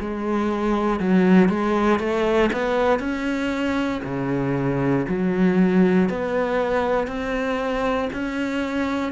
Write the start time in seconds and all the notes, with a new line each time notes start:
0.00 G#3
1.00 F#3
1.49 G#3
1.99 A3
2.52 B3
3.00 C#4
4.04 C#3
5.08 F#3
6.09 B3
7.07 C4
8.13 C#4